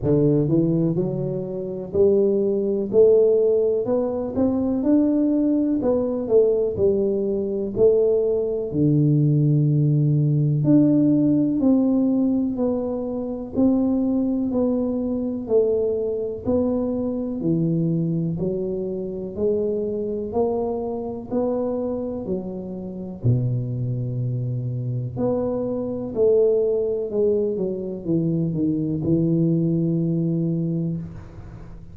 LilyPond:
\new Staff \with { instrumentName = "tuba" } { \time 4/4 \tempo 4 = 62 d8 e8 fis4 g4 a4 | b8 c'8 d'4 b8 a8 g4 | a4 d2 d'4 | c'4 b4 c'4 b4 |
a4 b4 e4 fis4 | gis4 ais4 b4 fis4 | b,2 b4 a4 | gis8 fis8 e8 dis8 e2 | }